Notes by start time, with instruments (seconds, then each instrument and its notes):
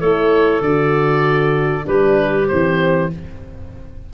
0.00 tuba A3, horn E4, clarinet A4, oboe C#5
0.61 tuba D3, horn F#4, oboe D5
1.83 tuba G3, horn D4, clarinet G4, oboe B4
2.48 tuba E3, horn C4, oboe C5